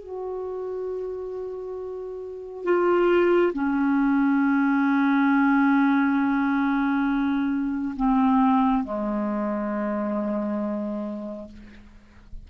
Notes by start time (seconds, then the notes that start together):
0.00 F#4
2.65 F4
3.54 C#4
7.97 C4
8.84 G#3